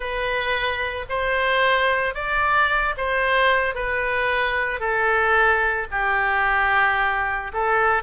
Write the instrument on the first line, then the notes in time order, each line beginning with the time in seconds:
oboe
0.00 B4
1.09 C5
2.14 D5
2.97 C5
3.75 B4
4.79 A4
5.91 G4
7.53 A4